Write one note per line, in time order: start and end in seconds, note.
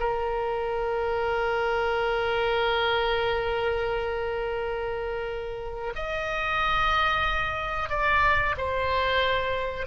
0.00 5.93 A#4
5.95 7.89 D#5
7.89 8.55 D5
8.57 9.87 C5